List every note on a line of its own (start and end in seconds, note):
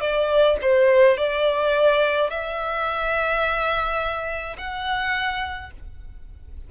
0.00 0.57 D5
0.61 1.17 C5
1.17 2.30 D5
2.30 4.56 E5
4.57 5.70 F#5